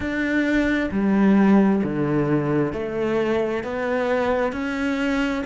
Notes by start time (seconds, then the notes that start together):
0.00 D4
0.91 G3
1.83 D3
2.73 A3
3.63 B3
4.52 C#4